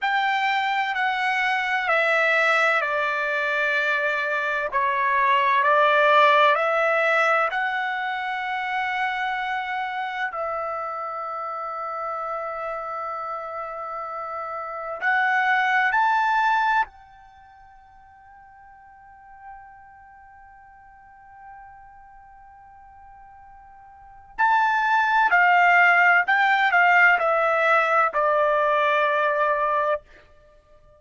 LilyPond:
\new Staff \with { instrumentName = "trumpet" } { \time 4/4 \tempo 4 = 64 g''4 fis''4 e''4 d''4~ | d''4 cis''4 d''4 e''4 | fis''2. e''4~ | e''1 |
fis''4 a''4 g''2~ | g''1~ | g''2 a''4 f''4 | g''8 f''8 e''4 d''2 | }